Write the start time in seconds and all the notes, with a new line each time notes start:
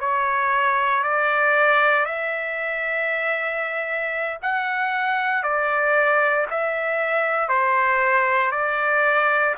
0.00 C#5
1.03 D5
2.05 E5
4.42 F#5
5.43 D5
6.50 E5
7.48 C5
8.52 D5